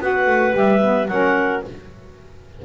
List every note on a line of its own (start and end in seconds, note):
0.00 0.27 B3
0.00 0.52 F#4
0.00 1.10 B4
0.00 0.56 F#5
0.27 0.54 A3
0.52 1.08 G3
0.52 0.79 G4
0.52 1.07 E5
0.80 1.07 B3
1.07 1.62 F#3
1.07 1.65 C#4
1.07 1.65 A#4
1.07 1.62 F#5